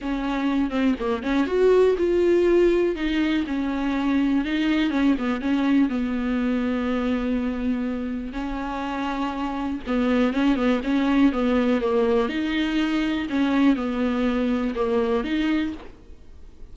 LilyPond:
\new Staff \with { instrumentName = "viola" } { \time 4/4 \tempo 4 = 122 cis'4. c'8 ais8 cis'8 fis'4 | f'2 dis'4 cis'4~ | cis'4 dis'4 cis'8 b8 cis'4 | b1~ |
b4 cis'2. | b4 cis'8 b8 cis'4 b4 | ais4 dis'2 cis'4 | b2 ais4 dis'4 | }